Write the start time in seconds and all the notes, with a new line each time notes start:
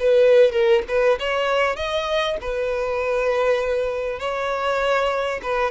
0.00 B4
0.52 A#4
0.88 B4
1.20 C#5
1.77 D#5
2.41 B4
4.20 C#5
5.43 B4